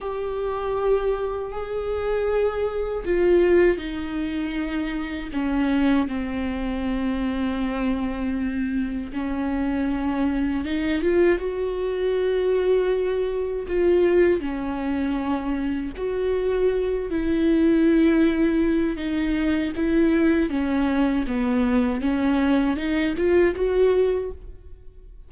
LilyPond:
\new Staff \with { instrumentName = "viola" } { \time 4/4 \tempo 4 = 79 g'2 gis'2 | f'4 dis'2 cis'4 | c'1 | cis'2 dis'8 f'8 fis'4~ |
fis'2 f'4 cis'4~ | cis'4 fis'4. e'4.~ | e'4 dis'4 e'4 cis'4 | b4 cis'4 dis'8 f'8 fis'4 | }